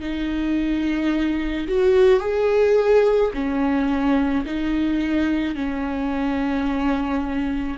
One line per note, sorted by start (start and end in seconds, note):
0.00 1.67 D#4
1.67 2.19 F#4
2.19 3.30 G#4
3.33 4.44 C#4
4.45 5.55 D#4
5.55 7.77 C#4